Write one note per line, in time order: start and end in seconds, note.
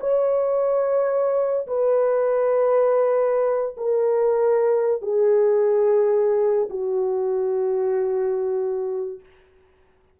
0.00 1.67 C#5
1.67 3.75 B4
3.77 5.02 A#4
5.02 6.69 G#4
6.70 9.20 F#4